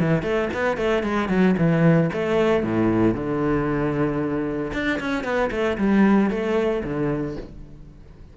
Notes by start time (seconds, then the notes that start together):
0.00 E3
0.22 A3
0.54 B3
0.77 A3
1.03 G#3
1.29 F#3
1.58 E3
2.13 A3
2.63 A2
3.14 D3
4.73 D4
5.00 C#4
5.24 B3
5.51 A3
5.78 G3
6.30 A3
6.84 D3